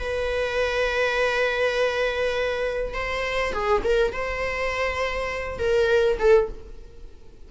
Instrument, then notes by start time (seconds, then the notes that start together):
viola
0.00 B4
2.94 C5
3.53 G#4
3.84 A#4
4.13 C5
5.59 A#4
6.20 A4